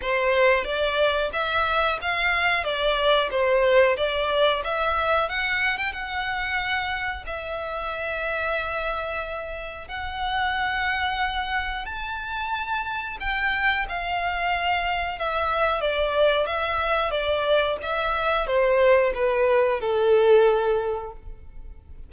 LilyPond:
\new Staff \with { instrumentName = "violin" } { \time 4/4 \tempo 4 = 91 c''4 d''4 e''4 f''4 | d''4 c''4 d''4 e''4 | fis''8. g''16 fis''2 e''4~ | e''2. fis''4~ |
fis''2 a''2 | g''4 f''2 e''4 | d''4 e''4 d''4 e''4 | c''4 b'4 a'2 | }